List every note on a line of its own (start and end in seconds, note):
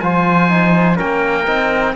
0.00 0.99 F3
0.00 0.49 F4
0.00 0.97 C5
0.00 0.97 G#5
0.49 0.96 D#4
0.96 1.48 A#3
0.96 1.44 C#4
0.96 1.93 A#4
0.96 1.96 G5
1.47 1.96 C4
1.47 1.95 D#4